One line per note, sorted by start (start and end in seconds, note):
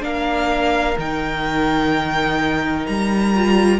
0.00 0.96 A#3
0.00 0.94 D4
0.00 0.97 F5
0.06 3.79 A#4
0.97 2.85 D#3
0.97 3.33 D#4
0.97 2.86 G5
2.86 3.79 G3
2.86 3.79 A#5
3.34 3.79 F4